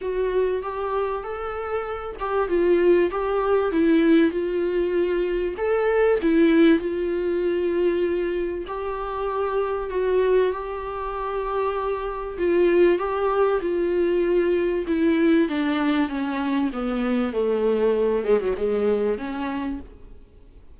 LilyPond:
\new Staff \with { instrumentName = "viola" } { \time 4/4 \tempo 4 = 97 fis'4 g'4 a'4. g'8 | f'4 g'4 e'4 f'4~ | f'4 a'4 e'4 f'4~ | f'2 g'2 |
fis'4 g'2. | f'4 g'4 f'2 | e'4 d'4 cis'4 b4 | a4. gis16 fis16 gis4 cis'4 | }